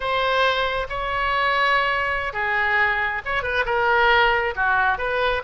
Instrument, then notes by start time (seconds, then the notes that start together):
oboe
0.00 C5
0.89 C#5
2.33 G#4
3.25 C#5
3.42 B4
3.65 A#4
4.55 F#4
4.98 B4